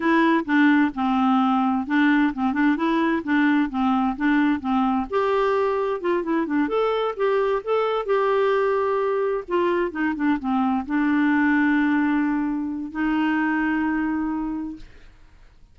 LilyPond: \new Staff \with { instrumentName = "clarinet" } { \time 4/4 \tempo 4 = 130 e'4 d'4 c'2 | d'4 c'8 d'8 e'4 d'4 | c'4 d'4 c'4 g'4~ | g'4 f'8 e'8 d'8 a'4 g'8~ |
g'8 a'4 g'2~ g'8~ | g'8 f'4 dis'8 d'8 c'4 d'8~ | d'1 | dis'1 | }